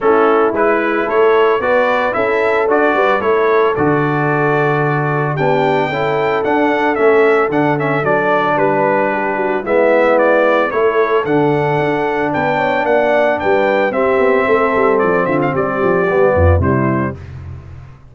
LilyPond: <<
  \new Staff \with { instrumentName = "trumpet" } { \time 4/4 \tempo 4 = 112 a'4 b'4 cis''4 d''4 | e''4 d''4 cis''4 d''4~ | d''2 g''2 | fis''4 e''4 fis''8 e''8 d''4 |
b'2 e''4 d''4 | cis''4 fis''2 g''4 | fis''4 g''4 e''2 | d''8 e''16 f''16 d''2 c''4 | }
  \new Staff \with { instrumentName = "horn" } { \time 4/4 e'2 a'4 b'4 | a'4. b'8 a'2~ | a'2 g'4 a'4~ | a'1 |
b'4 g'8 fis'8 e'2 | a'2. b'8 cis''8 | d''4 b'4 g'4 a'4~ | a'8 f'8 g'4. f'8 e'4 | }
  \new Staff \with { instrumentName = "trombone" } { \time 4/4 cis'4 e'2 fis'4 | e'4 fis'4 e'4 fis'4~ | fis'2 d'4 e'4 | d'4 cis'4 d'8 cis'8 d'4~ |
d'2 b2 | e'4 d'2.~ | d'2 c'2~ | c'2 b4 g4 | }
  \new Staff \with { instrumentName = "tuba" } { \time 4/4 a4 gis4 a4 b4 | cis'4 d'8 g8 a4 d4~ | d2 b4 cis'4 | d'4 a4 d4 fis4 |
g2 gis2 | a4 d4 d'4 b4 | ais4 g4 c'8 b8 a8 g8 | f8 d8 g8 f8 g8 f,8 c4 | }
>>